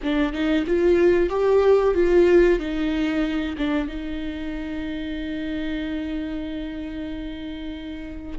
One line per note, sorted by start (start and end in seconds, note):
0.03 0.32 D4
0.32 0.65 D#4
0.66 1.29 F4
1.29 1.94 G4
1.94 2.59 F4
2.59 3.55 D#4
3.57 3.88 D4
3.88 8.38 D#4